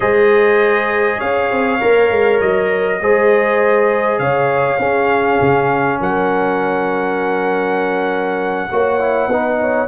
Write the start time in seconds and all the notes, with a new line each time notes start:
0.00 G#3 G#4 C5 D#5
1.18 C#4 C#5 F5
1.51 C4
1.80 A#3 A#4
2.10 G#3
2.40 F#3 D#5
3.00 G#3 G#4 C5
4.18 C#3 C#5 F5
4.79 C#4 G#4
5.40 C#3
6.00 F#3 A#4 F#5
8.71 A#3 F#4 C#5
8.99 E4
9.27 B3 D#4 B4
9.61 C#5